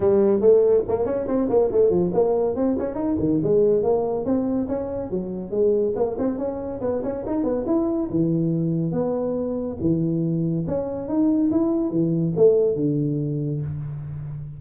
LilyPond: \new Staff \with { instrumentName = "tuba" } { \time 4/4 \tempo 4 = 141 g4 a4 ais8 cis'8 c'8 ais8 | a8 f8 ais4 c'8 cis'8 dis'8 dis8 | gis4 ais4 c'4 cis'4 | fis4 gis4 ais8 c'8 cis'4 |
b8 cis'8 dis'8 b8 e'4 e4~ | e4 b2 e4~ | e4 cis'4 dis'4 e'4 | e4 a4 d2 | }